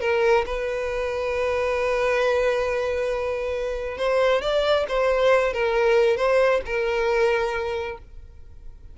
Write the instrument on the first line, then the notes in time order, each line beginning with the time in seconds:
violin
0.00 A#4
0.46 B4
3.97 C5
4.41 D5
4.88 C5
5.53 A#4
6.16 C5
6.65 A#4